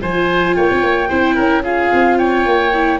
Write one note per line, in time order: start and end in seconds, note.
0.00 0.56 F3
0.00 1.08 F4
0.00 0.56 C5
0.00 0.54 G#5
0.54 0.70 A#3
0.54 1.09 C#5
0.54 1.62 G5
0.71 0.83 C4
0.83 1.10 A#3
1.09 1.37 C4
1.09 1.63 E4
1.09 1.35 C5
1.35 1.91 C#4
1.35 1.62 A#4
1.63 2.71 F4
1.63 2.18 G#4
1.63 2.18 F5
1.93 2.46 C4
2.18 3.00 C#5
2.18 2.99 G5
2.46 3.00 A#3
2.74 3.00 E4